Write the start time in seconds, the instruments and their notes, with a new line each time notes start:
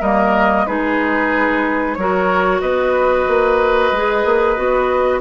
0.00 bassoon G3, clarinet A#3, oboe A#4, flute D#5
0.66 bassoon G#3, clarinet D#4, oboe G#4, flute B4
1.94 bassoon F#3, clarinet F#4, oboe A#4, flute C#5
2.61 bassoon B3, oboe B4, flute D#5
3.28 bassoon A#3
3.92 bassoon G#3, clarinet G#4
4.25 bassoon A#3
4.56 bassoon B3, clarinet F#4